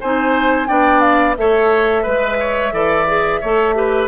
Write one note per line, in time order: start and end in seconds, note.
0.00 0.69 C4
0.00 0.67 D#4
0.00 0.68 C5
0.00 0.67 G#5
0.67 1.37 B3
0.67 1.35 D4
0.67 1.36 D5
0.67 1.01 G5
1.01 1.35 F5
1.37 2.06 A3
1.37 2.05 A4
1.37 2.03 C#5
1.37 4.08 E5
2.03 2.73 G#3
2.03 2.37 B4
2.03 2.72 B4
2.39 2.73 C#5
2.72 3.41 E3
2.72 3.06 A4
2.72 3.40 D5
3.07 3.41 G#4
3.40 4.08 A3
3.40 3.74 A4
3.40 3.75 C#5
3.74 4.08 G4
3.74 4.08 B4